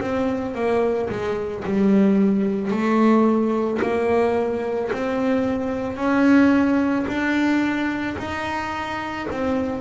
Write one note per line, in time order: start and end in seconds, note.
0.00 0.55 C4
0.55 1.09 A#3
1.09 1.64 G#3
1.64 2.71 G3
2.71 3.80 A3
3.82 4.91 A#3
4.92 5.97 C4
5.97 7.06 C#4
7.08 8.17 D4
8.18 9.27 D#4
9.31 9.81 C4